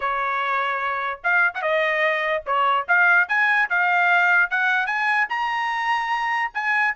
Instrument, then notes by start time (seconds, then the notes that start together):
trumpet
0.00 C#5
1.23 F5
1.54 F#5
1.62 D#5
2.45 C#5
2.88 F5
3.28 G#5
3.69 F5
4.50 F#5
4.86 G#5
5.29 A#5
6.54 G#5